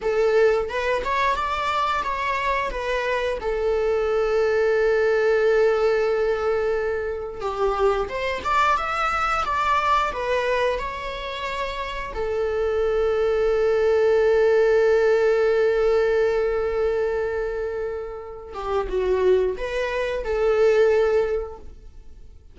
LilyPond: \new Staff \with { instrumentName = "viola" } { \time 4/4 \tempo 4 = 89 a'4 b'8 cis''8 d''4 cis''4 | b'4 a'2.~ | a'2. g'4 | c''8 d''8 e''4 d''4 b'4 |
cis''2 a'2~ | a'1~ | a'2.~ a'8 g'8 | fis'4 b'4 a'2 | }